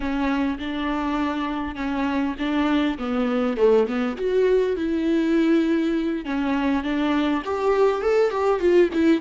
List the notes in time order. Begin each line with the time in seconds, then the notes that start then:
0.00 C#4
0.59 D4
1.75 C#4
2.38 D4
2.98 B3
3.57 A3
3.87 B3
4.17 F#4
4.76 E4
6.25 C#4
6.83 D4
7.44 G4
8.01 A4
8.30 G4
8.60 F4
8.93 E4